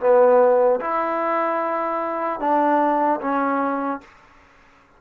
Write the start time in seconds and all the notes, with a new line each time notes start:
0.00 B3
0.80 E4
2.40 D4
3.21 C#4